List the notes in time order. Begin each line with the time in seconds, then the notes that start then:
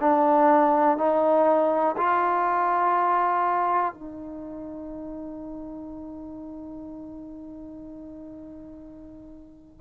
0.00 D4
0.97 D#4
1.97 F4
3.94 D#4